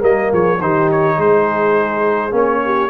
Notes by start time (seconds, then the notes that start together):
0.00 G3 A#3 A#4 D#5
0.32 F3 G#4 C#5
0.60 D#3 D#4 G4 C5
0.91 C#5
1.16 G#3 G#4 C5
2.30 A#3 C#4
2.36 C#5
2.64 G4